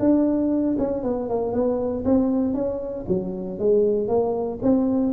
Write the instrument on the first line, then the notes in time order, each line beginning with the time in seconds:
tuba
0.00 D4
0.79 C#4
1.03 B3
1.29 A#3
1.53 B3
2.05 C4
2.54 C#4
3.08 F#3
3.59 G#3
4.08 A#3
4.62 C4